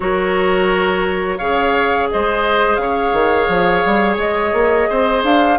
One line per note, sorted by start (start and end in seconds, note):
0.00 1.40 F#3
0.00 1.40 F#4
0.00 1.38 A#4
0.00 1.38 C#5
1.38 2.10 C#3
1.38 5.58 G#4
1.38 2.07 C#5
1.38 2.07 F5
2.11 2.77 G#3
2.11 2.81 C5
2.11 2.76 D#5
2.76 3.12 C#3
2.76 4.89 C#5
2.76 4.15 F5
3.12 3.47 D#3
3.48 3.83 F3
3.85 4.17 G3
4.17 4.52 G#3
4.17 5.23 D#5
4.52 4.87 A#3
4.89 5.23 C4
4.89 5.58 C5
5.23 5.58 D4
5.23 5.58 F5